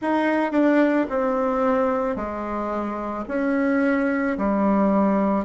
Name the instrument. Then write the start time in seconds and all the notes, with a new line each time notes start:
bassoon
0.01 D#4
0.52 D4
1.09 C4
2.15 G#3
3.28 C#4
4.37 G3